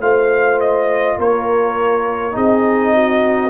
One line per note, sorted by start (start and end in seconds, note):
0.00 1.18 A3
0.00 2.32 F4
0.00 1.18 C5
0.00 0.59 F5
0.60 1.19 D#5
1.18 2.36 A#3
1.18 2.35 A#4
1.18 2.36 C#5
2.32 3.50 C4
2.32 3.49 D#4
2.32 2.94 G#4
2.32 3.50 D#5
2.94 3.50 F#4